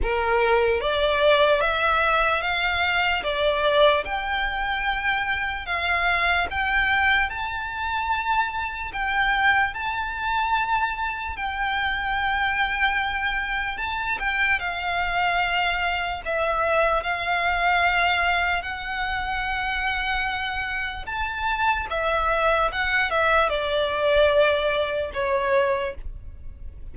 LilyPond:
\new Staff \with { instrumentName = "violin" } { \time 4/4 \tempo 4 = 74 ais'4 d''4 e''4 f''4 | d''4 g''2 f''4 | g''4 a''2 g''4 | a''2 g''2~ |
g''4 a''8 g''8 f''2 | e''4 f''2 fis''4~ | fis''2 a''4 e''4 | fis''8 e''8 d''2 cis''4 | }